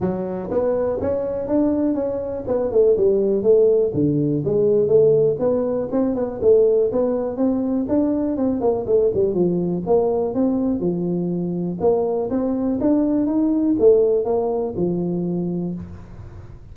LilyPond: \new Staff \with { instrumentName = "tuba" } { \time 4/4 \tempo 4 = 122 fis4 b4 cis'4 d'4 | cis'4 b8 a8 g4 a4 | d4 gis4 a4 b4 | c'8 b8 a4 b4 c'4 |
d'4 c'8 ais8 a8 g8 f4 | ais4 c'4 f2 | ais4 c'4 d'4 dis'4 | a4 ais4 f2 | }